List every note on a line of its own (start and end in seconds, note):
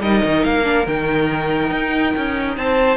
0.00 0.22 G3
0.00 0.63 D#4
0.00 2.55 A#4
0.00 0.44 D#5
0.24 0.45 D#3
0.44 0.86 A#3
0.44 0.86 F5
0.63 0.84 D4
0.86 1.70 D#3
0.86 2.97 D#4
0.86 2.57 G5
1.70 2.13 D#4
2.16 2.57 C#4
2.57 2.97 C4
2.57 2.97 C5
2.57 2.97 A5